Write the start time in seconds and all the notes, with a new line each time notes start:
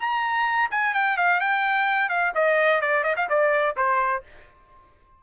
0.00 A#5
0.71 G#5
0.95 G5
1.17 F5
1.41 G5
2.09 F5
2.35 D#5
2.81 D5
3.04 D#5
3.17 F5
3.30 D5
3.77 C5